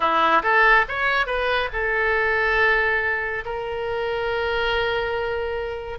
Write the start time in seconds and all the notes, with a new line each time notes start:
0.00 E4
0.42 A4
0.88 C#5
1.26 B4
1.73 A4
3.45 A#4